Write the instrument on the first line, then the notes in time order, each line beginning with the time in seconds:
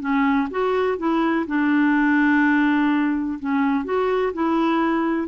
clarinet
0.00 C#4
0.50 F#4
0.98 E4
1.47 D4
3.39 C#4
3.84 F#4
4.34 E4